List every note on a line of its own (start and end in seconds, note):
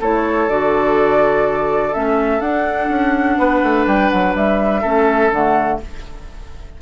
0.00 0.48 A3
0.00 0.49 E4
0.00 3.39 A4
0.00 0.49 C#5
0.48 1.93 D3
0.48 1.93 F#4
0.48 1.94 D5
1.93 2.40 A3
1.93 2.41 C#4
1.93 2.41 E5
2.40 2.88 D4
2.40 4.83 D4
2.40 3.86 F#5
2.89 3.37 C#4
3.38 3.62 B3
3.38 4.81 B4
3.62 3.87 A3
3.87 4.11 G3
3.87 4.10 G5
4.10 4.35 F#3
4.10 4.34 F#5
4.35 4.83 G3
4.35 5.32 E5
4.81 5.31 A3
4.81 5.31 C#4
4.81 5.78 A4
5.31 5.79 D3
5.31 5.82 A3
5.31 5.81 F#5